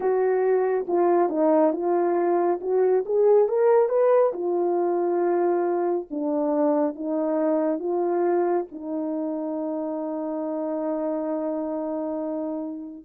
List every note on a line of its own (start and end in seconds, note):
0.00 0.86 F#4
0.87 1.29 F4
1.29 1.72 D#4
1.72 2.59 F4
2.60 3.04 F#4
3.05 3.48 G#4
3.48 3.89 A#4
3.89 4.32 B4
4.33 6.07 F4
6.10 6.95 D4
6.95 7.79 D#4
7.79 8.66 F4
8.72 13.04 D#4